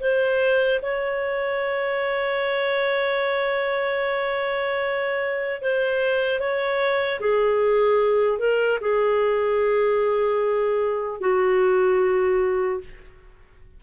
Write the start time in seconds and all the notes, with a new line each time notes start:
0.00 C5
0.82 C#5
5.62 C5
6.40 C#5
7.20 G#4
8.39 A#4
8.81 G#4
11.20 F#4